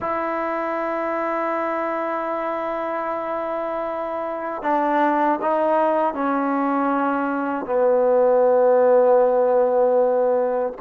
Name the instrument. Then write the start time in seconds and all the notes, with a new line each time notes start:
trombone
0.00 E4
4.62 D4
5.41 D#4
6.14 C#4
7.65 B3